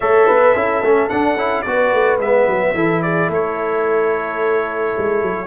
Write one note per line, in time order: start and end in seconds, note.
0.00 0.28 A3
0.00 0.55 A4
0.00 0.26 C#5
0.00 1.09 E5
0.26 0.55 B3
0.26 0.54 B4
0.54 0.83 C#4
0.54 0.83 E4
0.54 1.64 A4
0.83 1.10 A3
0.83 1.10 C#4
1.09 1.37 D4
1.09 1.35 D4
1.09 1.61 F#5
1.35 1.62 C#4
1.35 1.65 E4
1.61 1.93 B3
1.61 2.20 F#4
1.61 2.74 B4
1.61 2.17 D5
1.93 2.18 A3
2.18 2.46 G#3
2.18 2.75 B3
2.18 3.02 E5
2.47 2.74 F#3
2.74 3.29 E3
2.74 5.46 E4
2.74 3.02 A4
3.02 3.29 G#4
3.02 3.29 D5
3.29 4.94 A3
3.29 5.46 A4
3.29 5.46 C#5
4.98 5.22 G#3
5.22 5.46 F#3